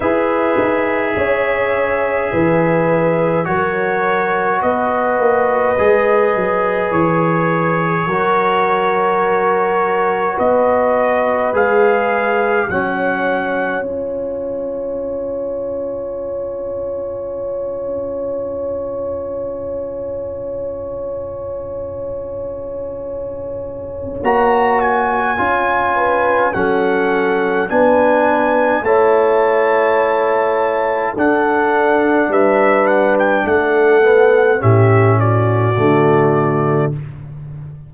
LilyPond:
<<
  \new Staff \with { instrumentName = "trumpet" } { \time 4/4 \tempo 4 = 52 e''2. cis''4 | dis''2 cis''2~ | cis''4 dis''4 f''4 fis''4 | gis''1~ |
gis''1~ | gis''4 ais''8 gis''4. fis''4 | gis''4 a''2 fis''4 | e''8 fis''16 g''16 fis''4 e''8 d''4. | }
  \new Staff \with { instrumentName = "horn" } { \time 4/4 b'4 cis''4 b'4 ais'4 | b'2. ais'4~ | ais'4 b'2 cis''4~ | cis''1~ |
cis''1~ | cis''2~ cis''8 b'8 a'4 | b'4 cis''2 a'4 | b'4 a'4 g'8 fis'4. | }
  \new Staff \with { instrumentName = "trombone" } { \time 4/4 gis'2. fis'4~ | fis'4 gis'2 fis'4~ | fis'2 gis'4 cis'4 | f'1~ |
f'1~ | f'4 fis'4 f'4 cis'4 | d'4 e'2 d'4~ | d'4. b8 cis'4 a4 | }
  \new Staff \with { instrumentName = "tuba" } { \time 4/4 e'8 dis'8 cis'4 e4 fis4 | b8 ais8 gis8 fis8 e4 fis4~ | fis4 b4 gis4 fis4 | cis'1~ |
cis'1~ | cis'4 ais4 cis'4 fis4 | b4 a2 d'4 | g4 a4 a,4 d4 | }
>>